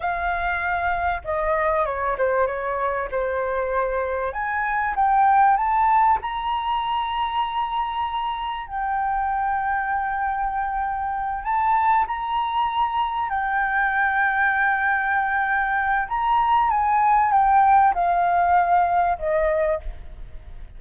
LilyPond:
\new Staff \with { instrumentName = "flute" } { \time 4/4 \tempo 4 = 97 f''2 dis''4 cis''8 c''8 | cis''4 c''2 gis''4 | g''4 a''4 ais''2~ | ais''2 g''2~ |
g''2~ g''8 a''4 ais''8~ | ais''4. g''2~ g''8~ | g''2 ais''4 gis''4 | g''4 f''2 dis''4 | }